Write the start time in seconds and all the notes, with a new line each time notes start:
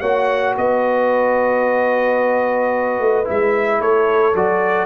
0.00 A#3 F#4 C#5 F#5
0.57 B3 B4 D#5
3.00 A3
3.25 G#3 E4 E5
3.80 A3 A4 C#5
4.34 F#3 F#4 D5